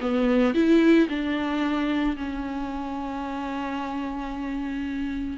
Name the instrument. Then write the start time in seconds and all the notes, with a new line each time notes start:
viola
0.00 B3
0.54 E4
1.09 D4
2.16 C#4